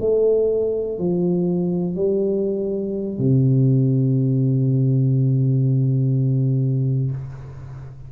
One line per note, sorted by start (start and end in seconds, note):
0.00 0.98 A3
0.98 1.95 F3
1.95 3.18 G3
3.18 7.11 C3